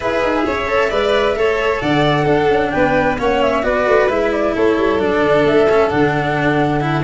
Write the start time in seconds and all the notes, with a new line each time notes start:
0.00 E4 G#4 B4 E5
0.22 D#4
0.45 C#4 C#5
0.68 A4
0.89 G#3 B4 D5
1.35 A3 A4 C#5
1.80 D3 D5 F#5
2.23 D4 A4
2.49 C#4
2.70 B3 B4 G5
3.18 A#3 C#4 C#5 F#5
3.42 E5
3.63 B3 F#4 B4 D5
3.87 A3
4.09 G#3 E4 E5
4.32 D5
4.54 A3 A4 C#5
4.77 G3
4.99 F#3 D4 D5
5.22 D3
5.44 A3 E5
5.69 C#4
5.89 D3 D4 F#5
6.80 E4